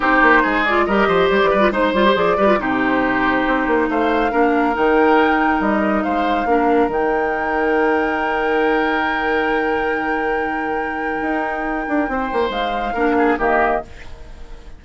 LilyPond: <<
  \new Staff \with { instrumentName = "flute" } { \time 4/4 \tempo 4 = 139 c''4. d''8 dis''4 d''4 | c''4 d''4 c''2~ | c''4 f''2 g''4~ | g''4 dis''4 f''2 |
g''1~ | g''1~ | g''1~ | g''4 f''2 dis''4 | }
  \new Staff \with { instrumentName = "oboe" } { \time 4/4 g'4 gis'4 ais'8 c''4 b'8 | c''4. b'8 g'2~ | g'4 c''4 ais'2~ | ais'2 c''4 ais'4~ |
ais'1~ | ais'1~ | ais'1 | c''2 ais'8 gis'8 g'4 | }
  \new Staff \with { instrumentName = "clarinet" } { \time 4/4 dis'4. f'8 g'4.~ g'16 f'16 | dis'8 f'16 g'16 gis'8 g'16 f'16 dis'2~ | dis'2 d'4 dis'4~ | dis'2. d'4 |
dis'1~ | dis'1~ | dis'1~ | dis'2 d'4 ais4 | }
  \new Staff \with { instrumentName = "bassoon" } { \time 4/4 c'8 ais8 gis4 g8 f8 g16 e16 g8 | gis8 g8 f8 g8 c2 | c'8 ais8 a4 ais4 dis4~ | dis4 g4 gis4 ais4 |
dis1~ | dis1~ | dis2 dis'4. d'8 | c'8 ais8 gis4 ais4 dis4 | }
>>